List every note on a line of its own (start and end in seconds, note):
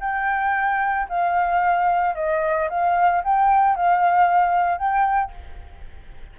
0.00 1.07 G5
1.09 2.15 F5
2.15 2.69 D#5
2.70 3.23 F5
3.24 3.76 G5
3.76 4.78 F5
4.78 5.32 G5